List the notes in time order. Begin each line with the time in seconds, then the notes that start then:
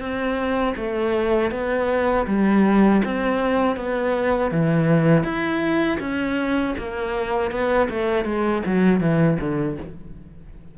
0.00 C4
0.76 A3
1.51 B3
2.27 G3
3.05 C4
3.76 B3
4.51 E3
5.23 E4
6.00 C#4
6.78 A#3
7.51 B3
7.90 A3
8.25 G#3
8.66 F#3
9.00 E3
9.40 D3